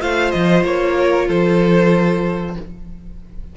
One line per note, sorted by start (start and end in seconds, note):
0.00 0.33 A3
0.00 2.55 F4
0.00 0.96 C5
0.00 0.31 F5
0.31 0.64 F3
0.31 0.62 D#5
0.64 1.28 A#3
0.64 1.29 C#5
0.98 1.27 A#4
1.27 2.56 F3
1.27 2.55 A4
1.27 2.56 C5